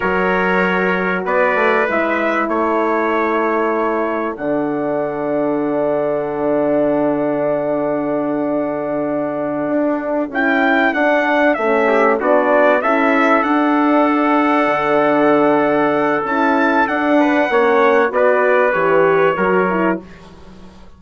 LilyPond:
<<
  \new Staff \with { instrumentName = "trumpet" } { \time 4/4 \tempo 4 = 96 cis''2 d''4 e''4 | cis''2. fis''4~ | fis''1~ | fis''1~ |
fis''8 g''4 fis''4 e''4 d''8~ | d''8 e''4 fis''2~ fis''8~ | fis''2 a''4 fis''4~ | fis''4 d''4 cis''2 | }
  \new Staff \with { instrumentName = "trumpet" } { \time 4/4 ais'2 b'2 | a'1~ | a'1~ | a'1~ |
a'2. g'8 fis'8~ | fis'8 a'2.~ a'8~ | a'2.~ a'8 b'8 | cis''4 b'2 ais'4 | }
  \new Staff \with { instrumentName = "horn" } { \time 4/4 fis'2. e'4~ | e'2. d'4~ | d'1~ | d'1~ |
d'8 e'4 d'4 cis'4 d'8~ | d'8 e'4 d'2~ d'8~ | d'2 e'4 d'4 | cis'4 fis'4 g'4 fis'8 e'8 | }
  \new Staff \with { instrumentName = "bassoon" } { \time 4/4 fis2 b8 a8 gis4 | a2. d4~ | d1~ | d2.~ d8 d'8~ |
d'8 cis'4 d'4 a4 b8~ | b8 cis'4 d'2 d8~ | d2 cis'4 d'4 | ais4 b4 e4 fis4 | }
>>